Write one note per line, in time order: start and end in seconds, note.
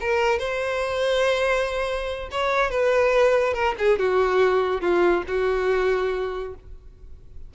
0.00 0.39 A#4
0.39 2.29 C5
2.31 2.70 C#5
2.70 3.53 B4
3.53 3.75 A#4
3.78 3.98 G#4
3.98 4.81 F#4
4.81 5.23 F4
5.27 6.54 F#4